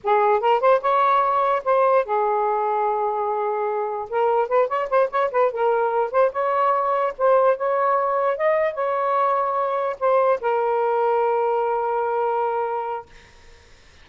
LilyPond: \new Staff \with { instrumentName = "saxophone" } { \time 4/4 \tempo 4 = 147 gis'4 ais'8 c''8 cis''2 | c''4 gis'2.~ | gis'2 ais'4 b'8 cis''8 | c''8 cis''8 b'8 ais'4. c''8 cis''8~ |
cis''4. c''4 cis''4.~ | cis''8 dis''4 cis''2~ cis''8~ | cis''8 c''4 ais'2~ ais'8~ | ais'1 | }